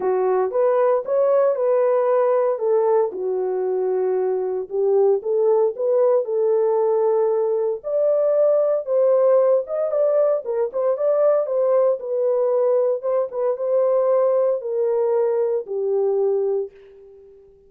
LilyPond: \new Staff \with { instrumentName = "horn" } { \time 4/4 \tempo 4 = 115 fis'4 b'4 cis''4 b'4~ | b'4 a'4 fis'2~ | fis'4 g'4 a'4 b'4 | a'2. d''4~ |
d''4 c''4. dis''8 d''4 | ais'8 c''8 d''4 c''4 b'4~ | b'4 c''8 b'8 c''2 | ais'2 g'2 | }